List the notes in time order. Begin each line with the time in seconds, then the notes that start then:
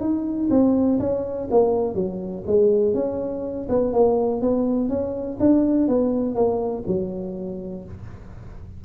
0.00 D#4
0.50 C4
0.99 C#4
1.50 A#3
1.94 F#3
2.46 G#3
2.94 C#4
3.69 B3
3.93 A#3
4.41 B3
4.89 C#4
5.39 D4
5.88 B3
6.35 A#3
6.87 F#3